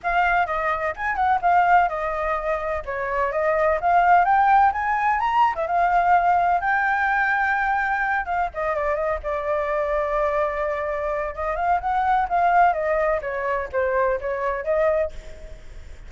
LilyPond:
\new Staff \with { instrumentName = "flute" } { \time 4/4 \tempo 4 = 127 f''4 dis''4 gis''8 fis''8 f''4 | dis''2 cis''4 dis''4 | f''4 g''4 gis''4 ais''8. e''16 | f''2 g''2~ |
g''4. f''8 dis''8 d''8 dis''8 d''8~ | d''1 | dis''8 f''8 fis''4 f''4 dis''4 | cis''4 c''4 cis''4 dis''4 | }